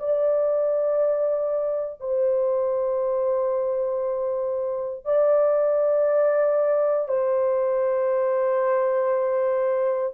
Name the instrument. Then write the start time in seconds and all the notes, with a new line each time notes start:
horn
0.00 D5
2.01 C5
5.06 D5
7.09 C5